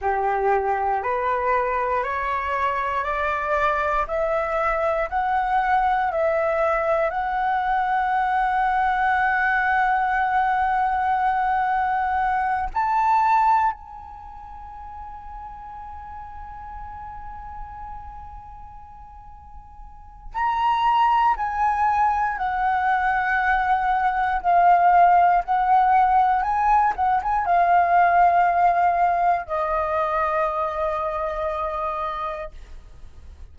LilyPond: \new Staff \with { instrumentName = "flute" } { \time 4/4 \tempo 4 = 59 g'4 b'4 cis''4 d''4 | e''4 fis''4 e''4 fis''4~ | fis''1~ | fis''8 a''4 gis''2~ gis''8~ |
gis''1 | ais''4 gis''4 fis''2 | f''4 fis''4 gis''8 fis''16 gis''16 f''4~ | f''4 dis''2. | }